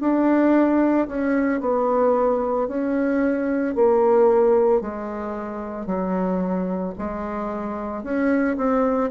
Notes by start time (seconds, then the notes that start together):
0.00 D4
1.08 C#4
1.61 B3
2.68 C#4
3.75 A#3
4.81 G#3
5.86 F#3
6.98 G#3
8.03 C#4
8.57 C4